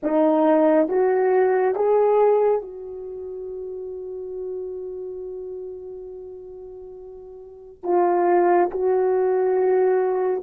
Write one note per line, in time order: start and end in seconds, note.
0.02 0.88 D#4
0.88 1.75 F#4
1.75 2.61 G#4
2.61 7.83 F#4
7.83 8.70 F4
8.70 10.43 F#4